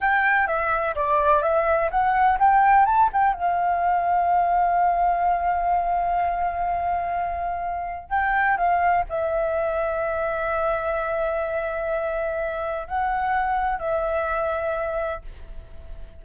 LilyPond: \new Staff \with { instrumentName = "flute" } { \time 4/4 \tempo 4 = 126 g''4 e''4 d''4 e''4 | fis''4 g''4 a''8 g''8 f''4~ | f''1~ | f''1~ |
f''4 g''4 f''4 e''4~ | e''1~ | e''2. fis''4~ | fis''4 e''2. | }